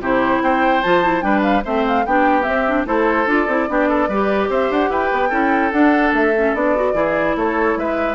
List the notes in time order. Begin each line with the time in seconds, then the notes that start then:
0.00 C3 E4 G4 C5
0.42 C4 C5 G5
0.83 F3 F4 A5
1.03 E4
1.21 G3 D4 B4 G5
1.43 F5
1.64 A3 C4 C5 E5
1.87 F5
2.06 B3 D4 G4 G5
2.42 C4 E5
2.67 D4
2.85 A3 E4 A4 C5
3.26 D4 F4 D5
3.47 C4 E4
3.68 B3 D4 G4
3.89 A4
4.08 G3 G4 B4
4.49 C4 C5 E5
4.70 D4 F#5
4.89 E4 B4 G5
5.12 B3
5.29 C#4 E4 A4
5.72 D4 F#5
6.12 A3 E5
6.35 C#4
6.54 B3 D4 D5
6.76 F#4
6.94 E3 E4 G#4
7.36 A3 A4 C#5
7.76 G#3 B4 E5